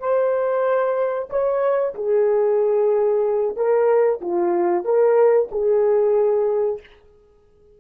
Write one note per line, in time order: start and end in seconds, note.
0.00 1.29 C5
1.30 1.94 C#5
1.95 3.56 G#4
3.56 4.21 A#4
4.21 4.85 F4
4.85 5.49 A#4
5.51 6.80 G#4